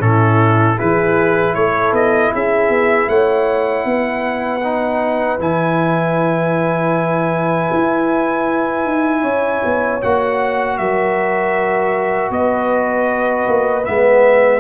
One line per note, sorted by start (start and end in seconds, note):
0.00 0.78 A2
0.00 0.77 C#4
0.00 0.78 E4
0.00 0.79 A4
0.77 1.56 E3
0.77 4.62 E4
0.77 1.55 G#4
0.77 1.55 B4
1.55 1.93 A3
1.55 2.33 A4
1.55 1.93 C#5
1.93 2.31 B3
1.93 2.33 D#5
2.33 2.69 C#4
2.33 3.10 G#4
2.33 3.09 E5
2.69 3.08 B3
3.09 3.85 A3
3.09 3.87 C#5
3.09 5.40 F#5
3.85 5.39 B3
3.85 9.22 B4
4.64 5.40 D#4
5.40 7.70 E3
5.40 10.01 E4
5.40 10.03 G#5
7.73 8.86 E4
8.86 9.24 D#4
9.22 9.62 C#4
9.22 10.76 C#5
9.65 10.04 B3
10.02 10.79 A#3
10.02 13.84 F#4
10.02 10.78 F#5
10.78 12.30 F#3
10.78 12.33 A#4
10.78 12.32 E5
12.30 13.46 B3
12.30 14.61 B4
12.30 13.86 D#5
13.48 13.86 A#3
13.84 14.61 G#3
13.84 14.61 B3
13.84 14.61 E5